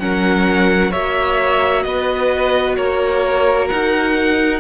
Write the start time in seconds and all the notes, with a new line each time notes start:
0.00 F#3 C#4 A#4 F#5
0.92 A#3 F#4 C#5 E5
1.83 B3 B4 D#5
2.77 A#3 A#4 C#5
3.68 D#4 F#5